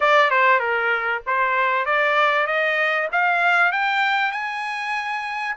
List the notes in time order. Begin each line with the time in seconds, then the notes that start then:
0.00 D5
0.30 C5
0.59 A#4
1.26 C5
1.85 D5
2.46 D#5
3.12 F5
3.71 G5
4.31 G#5